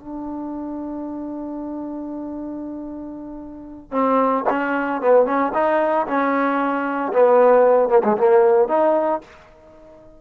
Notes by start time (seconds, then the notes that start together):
0.00 D4
3.92 C4
4.50 C#4
5.02 B3
5.26 C#4
5.54 D#4
6.07 C#4
7.13 B3
7.89 A#3
8.04 G#3
8.18 A#3
8.69 D#4